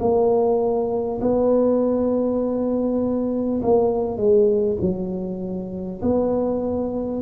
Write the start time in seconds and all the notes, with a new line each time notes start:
0.00 A#3
1.21 B3
3.62 A#3
4.17 G#3
4.81 F#3
6.02 B3